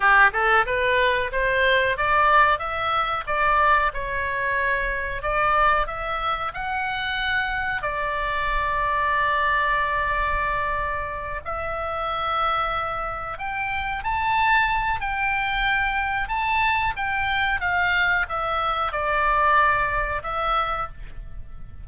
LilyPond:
\new Staff \with { instrumentName = "oboe" } { \time 4/4 \tempo 4 = 92 g'8 a'8 b'4 c''4 d''4 | e''4 d''4 cis''2 | d''4 e''4 fis''2 | d''1~ |
d''4. e''2~ e''8~ | e''8 g''4 a''4. g''4~ | g''4 a''4 g''4 f''4 | e''4 d''2 e''4 | }